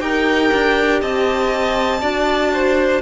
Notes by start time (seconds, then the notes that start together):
0.00 D#4 G4 A#4 G5
0.54 D4
1.01 C4 D#5 A5
2.01 D4 F#4 D5
2.53 C5